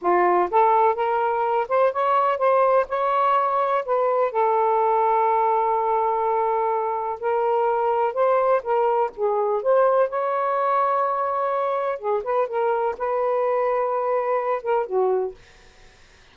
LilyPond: \new Staff \with { instrumentName = "saxophone" } { \time 4/4 \tempo 4 = 125 f'4 a'4 ais'4. c''8 | cis''4 c''4 cis''2 | b'4 a'2.~ | a'2. ais'4~ |
ais'4 c''4 ais'4 gis'4 | c''4 cis''2.~ | cis''4 gis'8 b'8 ais'4 b'4~ | b'2~ b'8 ais'8 fis'4 | }